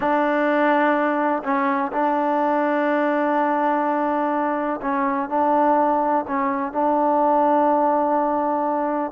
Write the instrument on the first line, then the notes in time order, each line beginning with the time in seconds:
trombone
0.00 D4
1.43 C#4
1.92 D4
4.81 C#4
5.29 D4
6.27 C#4
6.72 D4